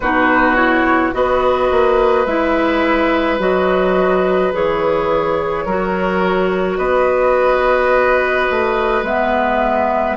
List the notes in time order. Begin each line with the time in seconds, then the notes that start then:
0.00 B2 D#4 F#4 B4
0.55 E4 C#5
1.12 B3 F#4 B4 D#5
1.70 A#3
2.25 G#3 E4 E5
3.39 F#3 F#4 D#5
4.52 E3 G#4 C#5
5.65 F#3 F#4 A#4
6.77 B3 B4 D#5
8.50 A3
9.03 G#3 B3 E5